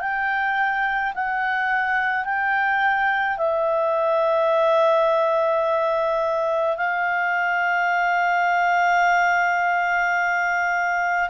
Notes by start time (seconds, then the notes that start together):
0.00 G5
1.15 F#5
2.25 G5
3.38 E5
6.77 F5